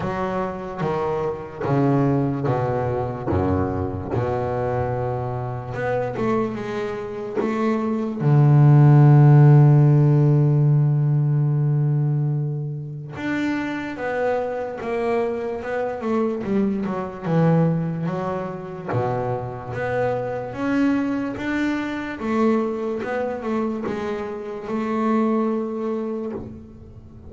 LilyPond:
\new Staff \with { instrumentName = "double bass" } { \time 4/4 \tempo 4 = 73 fis4 dis4 cis4 b,4 | fis,4 b,2 b8 a8 | gis4 a4 d2~ | d1 |
d'4 b4 ais4 b8 a8 | g8 fis8 e4 fis4 b,4 | b4 cis'4 d'4 a4 | b8 a8 gis4 a2 | }